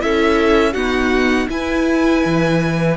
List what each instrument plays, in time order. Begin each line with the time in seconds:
0.00 cello C#4, viola E4, violin A4 E5
0.73 viola B3, cello D#4, violin F#4 F#5
1.49 viola E4, cello E4, violin B4 G#5
2.26 cello E3